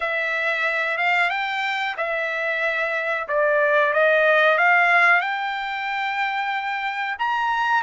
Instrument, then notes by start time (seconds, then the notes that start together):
trumpet
0.00 E5
0.97 F5
1.30 G5
1.97 E5
3.28 D5
3.93 D#5
4.58 F5
5.20 G5
7.19 A#5